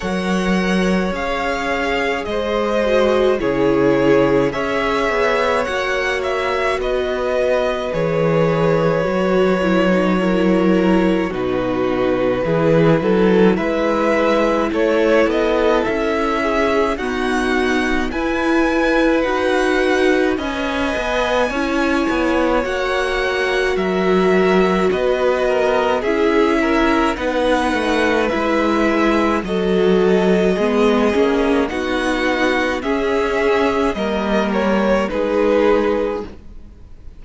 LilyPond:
<<
  \new Staff \with { instrumentName = "violin" } { \time 4/4 \tempo 4 = 53 fis''4 f''4 dis''4 cis''4 | e''4 fis''8 e''8 dis''4 cis''4~ | cis''2 b'2 | e''4 cis''8 dis''8 e''4 fis''4 |
gis''4 fis''4 gis''2 | fis''4 e''4 dis''4 e''4 | fis''4 e''4 dis''2 | fis''4 e''4 dis''8 cis''8 b'4 | }
  \new Staff \with { instrumentName = "violin" } { \time 4/4 cis''2 c''4 gis'4 | cis''2 b'2~ | b'4 ais'4 fis'4 gis'8 a'8 | b'4 a'4. gis'8 fis'4 |
b'2 dis''4 cis''4~ | cis''4 ais'4 b'8 ais'8 gis'8 ais'8 | b'2 a'4 gis'4 | fis'4 gis'4 ais'4 gis'4 | }
  \new Staff \with { instrumentName = "viola" } { \time 4/4 ais'4 gis'4. fis'8 e'4 | gis'4 fis'2 gis'4 | fis'8 e'16 dis'16 e'4 dis'4 e'4~ | e'2. b4 |
e'4 fis'4 b'4 e'4 | fis'2. e'4 | dis'4 e'4 fis'4 b8 cis'8 | dis'4 cis'4 ais4 dis'4 | }
  \new Staff \with { instrumentName = "cello" } { \time 4/4 fis4 cis'4 gis4 cis4 | cis'8 b8 ais4 b4 e4 | fis2 b,4 e8 fis8 | gis4 a8 b8 cis'4 dis'4 |
e'4 dis'4 cis'8 b8 cis'8 b8 | ais4 fis4 b4 cis'4 | b8 a8 gis4 fis4 gis8 ais8 | b4 cis'4 g4 gis4 | }
>>